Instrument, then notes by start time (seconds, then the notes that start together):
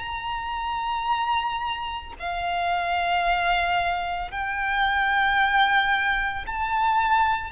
violin
0.00 A#5
2.20 F5
4.31 G5
6.47 A5